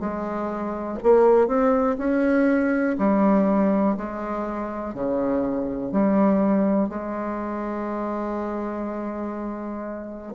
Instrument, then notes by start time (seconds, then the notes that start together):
bassoon
0.00 G#3
1.03 A#3
1.48 C4
1.98 C#4
2.98 G3
3.97 G#3
4.94 C#3
5.92 G3
6.89 G#3